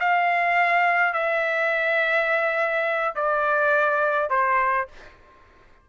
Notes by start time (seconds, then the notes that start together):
0.00 F5
1.13 E5
3.15 D5
4.30 C5